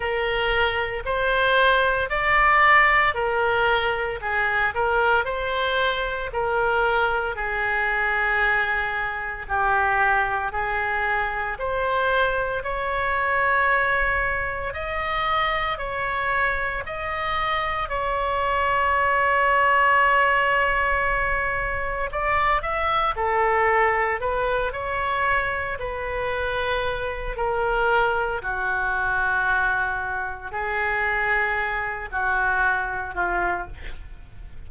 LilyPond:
\new Staff \with { instrumentName = "oboe" } { \time 4/4 \tempo 4 = 57 ais'4 c''4 d''4 ais'4 | gis'8 ais'8 c''4 ais'4 gis'4~ | gis'4 g'4 gis'4 c''4 | cis''2 dis''4 cis''4 |
dis''4 cis''2.~ | cis''4 d''8 e''8 a'4 b'8 cis''8~ | cis''8 b'4. ais'4 fis'4~ | fis'4 gis'4. fis'4 f'8 | }